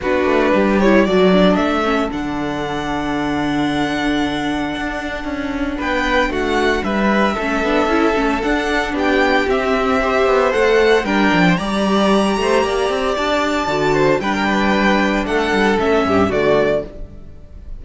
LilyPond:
<<
  \new Staff \with { instrumentName = "violin" } { \time 4/4 \tempo 4 = 114 b'4. cis''8 d''4 e''4 | fis''1~ | fis''2. g''4 | fis''4 e''2. |
fis''4 g''4 e''2 | fis''4 g''4 ais''2~ | ais''4 a''2 g''4~ | g''4 fis''4 e''4 d''4 | }
  \new Staff \with { instrumentName = "violin" } { \time 4/4 fis'4 g'4 a'2~ | a'1~ | a'2. b'4 | fis'4 b'4 a'2~ |
a'4 g'2 c''4~ | c''4 ais'8. c''16 d''4. c''8 | d''2~ d''8 c''8 b'16 ais'16 b'8~ | b'4 a'4. g'8 fis'4 | }
  \new Staff \with { instrumentName = "viola" } { \time 4/4 d'4. e'8 fis'8 d'4 cis'8 | d'1~ | d'1~ | d'2 cis'8 d'8 e'8 cis'8 |
d'2 c'4 g'4 | a'4 d'4 g'2~ | g'2 fis'4 d'4~ | d'2 cis'4 a4 | }
  \new Staff \with { instrumentName = "cello" } { \time 4/4 b8 a8 g4 fis4 a4 | d1~ | d4 d'4 cis'4 b4 | a4 g4 a8 b8 cis'8 a8 |
d'4 b4 c'4. b8 | a4 g8 f8 g4. a8 | ais8 c'8 d'4 d4 g4~ | g4 a8 g8 a8 g,8 d4 | }
>>